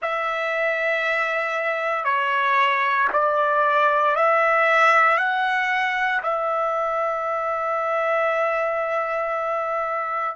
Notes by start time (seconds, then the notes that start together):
0.01 E5
2.04 C#5
3.13 D5
4.15 E5
5.17 F#5
6.23 E5